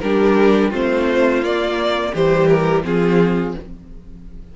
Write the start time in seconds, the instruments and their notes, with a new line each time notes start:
0.00 cello G3, viola D4, violin G4 A#4
0.70 cello A3, viola C4, violin F4 C5
1.42 cello A#3, viola A#3, violin D5
2.12 cello E3, viola G3, violin G4 C5
2.48 violin A#4
2.84 cello F3, viola C4, violin F4 G#4